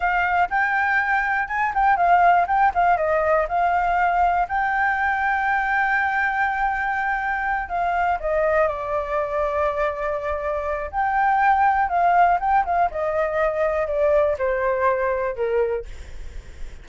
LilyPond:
\new Staff \with { instrumentName = "flute" } { \time 4/4 \tempo 4 = 121 f''4 g''2 gis''8 g''8 | f''4 g''8 f''8 dis''4 f''4~ | f''4 g''2.~ | g''2.~ g''8 f''8~ |
f''8 dis''4 d''2~ d''8~ | d''2 g''2 | f''4 g''8 f''8 dis''2 | d''4 c''2 ais'4 | }